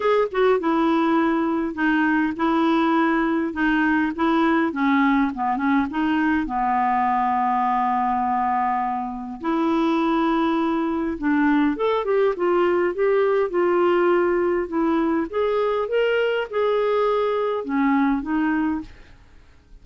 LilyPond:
\new Staff \with { instrumentName = "clarinet" } { \time 4/4 \tempo 4 = 102 gis'8 fis'8 e'2 dis'4 | e'2 dis'4 e'4 | cis'4 b8 cis'8 dis'4 b4~ | b1 |
e'2. d'4 | a'8 g'8 f'4 g'4 f'4~ | f'4 e'4 gis'4 ais'4 | gis'2 cis'4 dis'4 | }